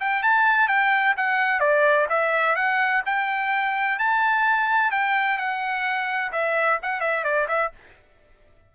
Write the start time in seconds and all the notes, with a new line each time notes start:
0.00 G5
0.23 A5
0.68 G5
1.17 F#5
1.60 D5
2.09 E5
2.55 F#5
3.06 G5
3.99 A5
4.91 G5
5.38 F#5
6.32 E5
6.82 F#5
7.00 E5
7.24 D5
7.48 E5